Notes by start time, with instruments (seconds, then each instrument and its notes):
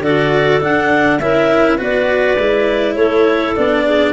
0.00 tuba D3, cello F#4, clarinet A4 D5
0.61 cello D4, tuba D4, clarinet F#5
1.19 tuba C#4, cello E4, clarinet A#4 E5
1.77 tuba B3, cello F#4, clarinet B4 D5
2.38 tuba G#3, cello E4
2.95 tuba A3, clarinet A4 C#5
3.56 tuba B3, cello D4, clarinet D5
3.86 clarinet G#4